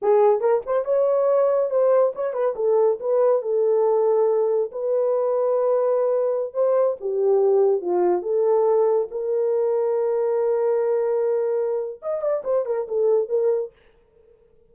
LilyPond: \new Staff \with { instrumentName = "horn" } { \time 4/4 \tempo 4 = 140 gis'4 ais'8 c''8 cis''2 | c''4 cis''8 b'8 a'4 b'4 | a'2. b'4~ | b'2.~ b'16 c''8.~ |
c''16 g'2 f'4 a'8.~ | a'4~ a'16 ais'2~ ais'8.~ | ais'1 | dis''8 d''8 c''8 ais'8 a'4 ais'4 | }